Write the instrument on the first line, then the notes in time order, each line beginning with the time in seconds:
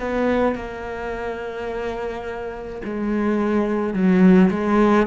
cello
0.00 B3
0.56 A#3
2.85 G#3
3.94 F#3
4.51 G#3